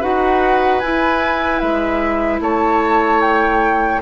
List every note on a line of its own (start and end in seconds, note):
0.00 0.83 D#4
0.00 0.81 F#4
0.00 2.40 B4
0.00 0.80 F#5
0.80 1.62 E4
0.80 4.02 E4
0.80 1.59 G#5
1.59 2.40 G#3
1.59 2.39 E5
2.40 4.00 A3
2.40 4.02 C#5
2.40 3.21 A5
3.21 4.01 G5